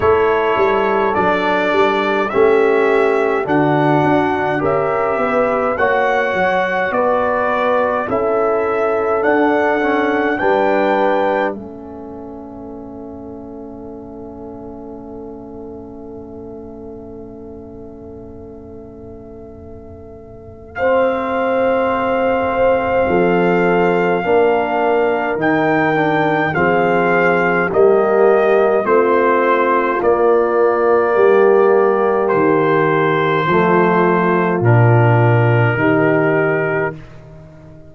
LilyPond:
<<
  \new Staff \with { instrumentName = "trumpet" } { \time 4/4 \tempo 4 = 52 cis''4 d''4 e''4 fis''4 | e''4 fis''4 d''4 e''4 | fis''4 g''4 e''2~ | e''1~ |
e''2 f''2~ | f''2 g''4 f''4 | dis''4 c''4 d''2 | c''2 ais'2 | }
  \new Staff \with { instrumentName = "horn" } { \time 4/4 a'2 g'4 fis'4 | ais'8 b'8 cis''4 b'4 a'4~ | a'4 b'4 a'2~ | a'1~ |
a'2 c''2 | a'4 ais'2 gis'4 | g'4 f'2 g'4~ | g'4 f'2 g'4 | }
  \new Staff \with { instrumentName = "trombone" } { \time 4/4 e'4 d'4 cis'4 d'4 | g'4 fis'2 e'4 | d'8 cis'8 d'4 cis'2~ | cis'1~ |
cis'2 c'2~ | c'4 d'4 dis'8 d'8 c'4 | ais4 c'4 ais2~ | ais4 a4 d'4 dis'4 | }
  \new Staff \with { instrumentName = "tuba" } { \time 4/4 a8 g8 fis8 g8 a4 d8 d'8 | cis'8 b8 ais8 fis8 b4 cis'4 | d'4 g4 a2~ | a1~ |
a1 | f4 ais4 dis4 f4 | g4 a4 ais4 g4 | dis4 f4 ais,4 dis4 | }
>>